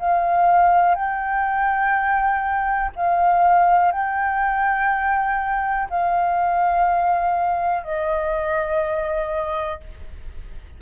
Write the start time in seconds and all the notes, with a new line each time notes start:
0.00 F5
0.95 G5
2.96 F5
3.92 G5
5.91 F5
7.84 D#5